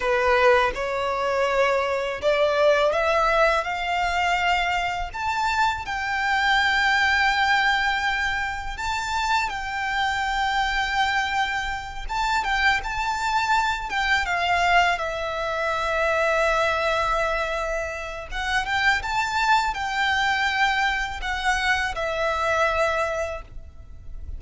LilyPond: \new Staff \with { instrumentName = "violin" } { \time 4/4 \tempo 4 = 82 b'4 cis''2 d''4 | e''4 f''2 a''4 | g''1 | a''4 g''2.~ |
g''8 a''8 g''8 a''4. g''8 f''8~ | f''8 e''2.~ e''8~ | e''4 fis''8 g''8 a''4 g''4~ | g''4 fis''4 e''2 | }